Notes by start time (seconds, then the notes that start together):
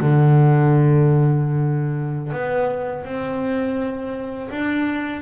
0.00 D3
2.32 B3
3.05 C4
4.50 D4